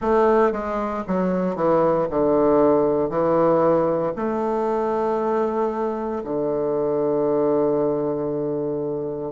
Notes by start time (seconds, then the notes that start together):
0.00 A3
0.52 G#3
1.07 F#3
1.55 E3
2.10 D3
3.09 E3
4.16 A3
6.24 D3